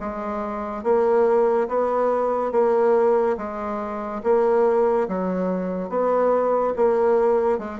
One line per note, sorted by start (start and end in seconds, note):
0.00 0.84 G#3
0.84 1.68 A#3
1.69 2.52 B3
2.52 3.37 A#3
3.38 4.22 G#3
4.24 5.08 A#3
5.09 5.90 F#3
5.90 6.74 B3
6.76 7.59 A#3
7.59 7.80 G#3